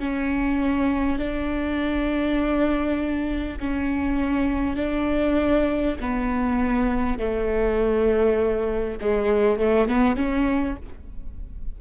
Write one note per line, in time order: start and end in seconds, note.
0.00 1.19 C#4
1.19 3.59 D4
3.60 4.76 C#4
4.76 5.96 D4
6.01 7.19 B3
7.19 8.99 A3
9.01 9.60 G#3
9.60 9.88 A3
9.88 10.17 B3
10.17 10.77 C#4